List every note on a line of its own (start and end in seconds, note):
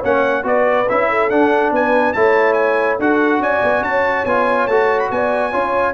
0.00 0.44 A#3
0.00 0.43 C#4
0.00 0.42 C#5
0.00 0.46 F#5
0.43 0.86 B3
0.43 0.85 F#4
0.43 1.09 B4
0.43 0.88 D5
0.89 1.30 C#4
0.89 1.30 E4
0.89 1.30 E5
1.09 1.73 A4
1.30 1.71 D4
1.30 2.15 D4
1.30 1.72 F#5
1.71 2.13 B3
1.71 2.15 B4
1.71 2.13 G#5
2.13 2.99 A3
2.13 2.99 E4
2.13 2.99 C#5
2.13 2.53 A5
2.53 2.96 G#5
2.99 3.39 D4
2.99 4.27 F#4
2.99 3.41 A4
2.99 3.42 F#5
3.39 3.60 C#4
3.39 3.82 D5
3.39 3.83 G#5
3.63 3.81 B3
3.81 4.23 C#4
3.81 5.09 C#5
3.81 4.25 A5
4.25 4.67 B3
4.25 4.70 F4
4.25 4.67 G#5
4.67 5.09 A3
4.67 5.52 F#4
4.67 4.99 A5
4.99 5.10 B5
5.10 5.52 B3
5.10 5.51 D5
5.10 5.94 G#5
5.51 5.94 C#4
5.51 5.94 F4
5.51 5.93 C#5